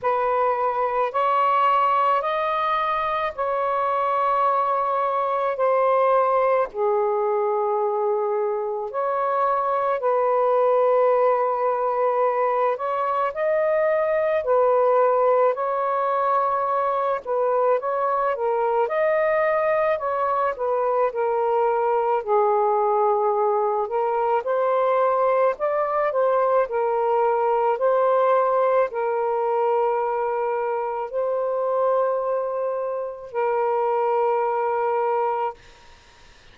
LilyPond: \new Staff \with { instrumentName = "saxophone" } { \time 4/4 \tempo 4 = 54 b'4 cis''4 dis''4 cis''4~ | cis''4 c''4 gis'2 | cis''4 b'2~ b'8 cis''8 | dis''4 b'4 cis''4. b'8 |
cis''8 ais'8 dis''4 cis''8 b'8 ais'4 | gis'4. ais'8 c''4 d''8 c''8 | ais'4 c''4 ais'2 | c''2 ais'2 | }